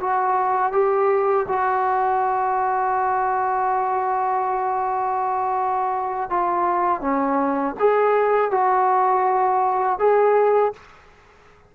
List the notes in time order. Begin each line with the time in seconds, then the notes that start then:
0.00 F#4
0.72 G4
1.48 F#4
6.30 F4
7.01 C#4
7.79 G#4
8.51 F#4
9.99 G#4